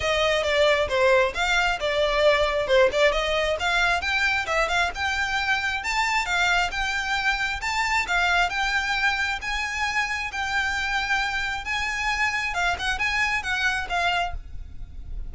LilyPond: \new Staff \with { instrumentName = "violin" } { \time 4/4 \tempo 4 = 134 dis''4 d''4 c''4 f''4 | d''2 c''8 d''8 dis''4 | f''4 g''4 e''8 f''8 g''4~ | g''4 a''4 f''4 g''4~ |
g''4 a''4 f''4 g''4~ | g''4 gis''2 g''4~ | g''2 gis''2 | f''8 fis''8 gis''4 fis''4 f''4 | }